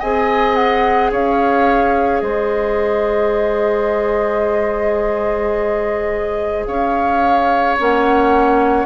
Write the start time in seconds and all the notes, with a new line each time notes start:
0.00 C4 G#4 D#5 G#5
0.55 F#5
1.11 C#4 C#5 F5
2.21 G#3 C5 D#5
6.66 C#4 C#5 F5
7.79 A#3 C#4 F#5